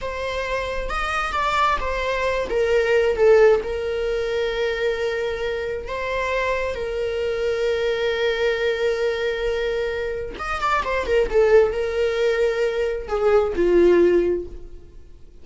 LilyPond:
\new Staff \with { instrumentName = "viola" } { \time 4/4 \tempo 4 = 133 c''2 dis''4 d''4 | c''4. ais'4. a'4 | ais'1~ | ais'4 c''2 ais'4~ |
ais'1~ | ais'2. dis''8 d''8 | c''8 ais'8 a'4 ais'2~ | ais'4 gis'4 f'2 | }